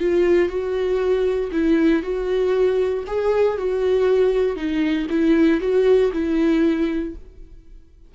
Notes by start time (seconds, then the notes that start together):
0.00 F4
0.49 F#4
1.52 E4
2.03 F#4
3.07 G#4
3.58 F#4
4.56 D#4
5.10 E4
5.61 F#4
6.13 E4